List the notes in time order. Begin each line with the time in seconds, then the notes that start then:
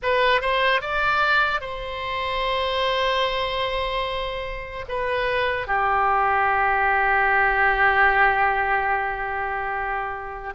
0.02 B4
0.41 C5
0.81 D5
1.60 C5
4.88 B4
5.67 G4